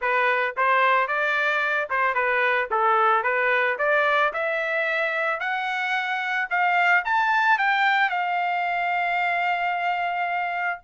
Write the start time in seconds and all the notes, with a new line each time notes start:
0.01 B4
0.56 C5
1.07 D5
1.90 C5
2.14 B4
2.70 A4
3.23 B4
3.78 D5
4.33 E5
5.40 F#5
6.50 F5
7.04 A5
7.58 G5
8.09 F5